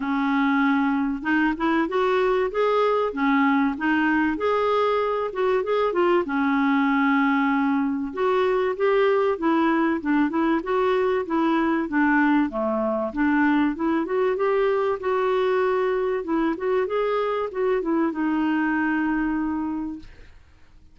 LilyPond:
\new Staff \with { instrumentName = "clarinet" } { \time 4/4 \tempo 4 = 96 cis'2 dis'8 e'8 fis'4 | gis'4 cis'4 dis'4 gis'4~ | gis'8 fis'8 gis'8 f'8 cis'2~ | cis'4 fis'4 g'4 e'4 |
d'8 e'8 fis'4 e'4 d'4 | a4 d'4 e'8 fis'8 g'4 | fis'2 e'8 fis'8 gis'4 | fis'8 e'8 dis'2. | }